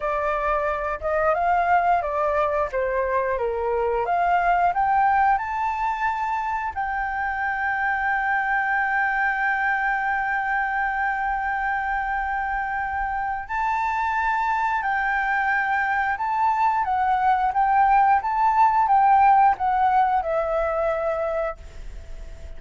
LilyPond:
\new Staff \with { instrumentName = "flute" } { \time 4/4 \tempo 4 = 89 d''4. dis''8 f''4 d''4 | c''4 ais'4 f''4 g''4 | a''2 g''2~ | g''1~ |
g''1 | a''2 g''2 | a''4 fis''4 g''4 a''4 | g''4 fis''4 e''2 | }